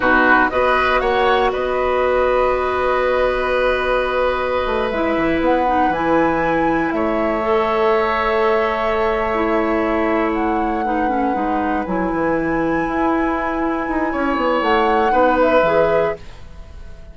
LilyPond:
<<
  \new Staff \with { instrumentName = "flute" } { \time 4/4 \tempo 4 = 119 b'4 dis''4 fis''4 dis''4~ | dis''1~ | dis''4.~ dis''16 e''4 fis''4 gis''16~ | gis''4.~ gis''16 e''2~ e''16~ |
e''1~ | e''8 fis''2. gis''8~ | gis''1~ | gis''4 fis''4. e''4. | }
  \new Staff \with { instrumentName = "oboe" } { \time 4/4 fis'4 b'4 cis''4 b'4~ | b'1~ | b'1~ | b'4.~ b'16 cis''2~ cis''16~ |
cis''1~ | cis''4. b'2~ b'8~ | b'1 | cis''2 b'2 | }
  \new Staff \with { instrumentName = "clarinet" } { \time 4/4 dis'4 fis'2.~ | fis'1~ | fis'4.~ fis'16 e'4. dis'8 e'16~ | e'2~ e'8. a'4~ a'16~ |
a'2~ a'8 e'4.~ | e'4. dis'8 cis'8 dis'4 e'8~ | e'1~ | e'2 dis'4 gis'4 | }
  \new Staff \with { instrumentName = "bassoon" } { \time 4/4 b,4 b4 ais4 b4~ | b1~ | b4~ b16 a8 gis8 e8 b4 e16~ | e4.~ e16 a2~ a16~ |
a1~ | a2~ a8 gis4 fis8 | e4. e'2 dis'8 | cis'8 b8 a4 b4 e4 | }
>>